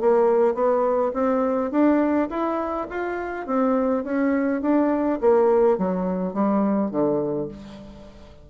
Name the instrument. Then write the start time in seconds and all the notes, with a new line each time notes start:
bassoon
0.00 A#3
0.54 B3
1.13 C4
1.71 D4
2.29 E4
2.90 F4
3.46 C4
4.04 C#4
4.61 D4
5.20 A#3
5.77 F#3
6.33 G3
6.90 D3